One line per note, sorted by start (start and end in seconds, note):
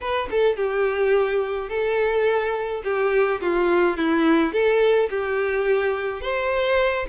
0.00 0.29 B4
0.31 0.56 A4
0.56 1.69 G4
1.69 2.82 A4
2.84 3.40 G4
3.41 3.97 F4
3.97 4.52 E4
4.52 5.09 A4
5.09 6.21 G4
6.21 7.06 C5